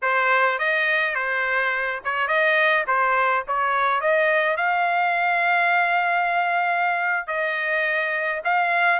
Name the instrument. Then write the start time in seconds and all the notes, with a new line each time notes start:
trumpet
0.02 C5
0.58 D#5
1.14 C5
2.04 C#5
2.27 D#5
2.87 C5
3.47 C#5
4.01 D#5
4.57 F5
7.27 D#5
8.44 F5